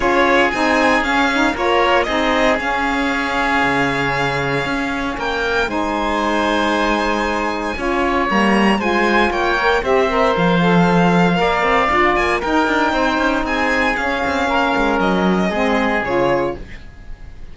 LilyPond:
<<
  \new Staff \with { instrumentName = "violin" } { \time 4/4 \tempo 4 = 116 cis''4 gis''4 f''4 cis''4 | dis''4 f''2.~ | f''2 g''4 gis''4~ | gis''1 |
ais''4 gis''4 g''4 e''4 | f''2.~ f''8 gis''8 | g''2 gis''4 f''4~ | f''4 dis''2 cis''4 | }
  \new Staff \with { instrumentName = "oboe" } { \time 4/4 gis'2. ais'4 | gis'1~ | gis'2 ais'4 c''4~ | c''2. cis''4~ |
cis''4 c''4 cis''4 c''4~ | c''2 d''2 | ais'4 c''4 gis'2 | ais'2 gis'2 | }
  \new Staff \with { instrumentName = "saxophone" } { \time 4/4 f'4 dis'4 cis'8 dis'8 f'4 | dis'4 cis'2.~ | cis'2. dis'4~ | dis'2. f'4 |
ais4 f'4. ais'8 g'8 ais'8~ | ais'8 a'4. ais'4 f'4 | dis'2. cis'4~ | cis'2 c'4 f'4 | }
  \new Staff \with { instrumentName = "cello" } { \time 4/4 cis'4 c'4 cis'4 ais4 | c'4 cis'2 cis4~ | cis4 cis'4 ais4 gis4~ | gis2. cis'4 |
g4 gis4 ais4 c'4 | f2 ais8 c'8 d'8 ais8 | dis'8 d'8 c'8 cis'8 c'4 cis'8 c'8 | ais8 gis8 fis4 gis4 cis4 | }
>>